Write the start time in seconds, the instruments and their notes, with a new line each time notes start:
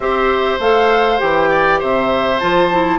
0.00 bassoon C4, clarinet G4, oboe C5, flute E5
0.59 bassoon A3, clarinet A4, flute F5
1.18 bassoon E3, clarinet G4, flute G5
1.49 oboe D5
1.79 bassoon C3, oboe C5, flute E5
2.39 bassoon F3, clarinet F4, flute A5
2.71 clarinet E4